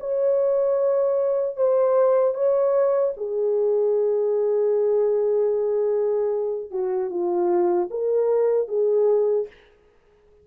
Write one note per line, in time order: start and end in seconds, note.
0.00 1.57 C#5
1.57 2.35 C5
2.35 3.14 C#5
3.17 6.71 G#4
6.71 7.10 F#4
7.10 7.89 F4
7.91 8.68 A#4
8.68 9.47 G#4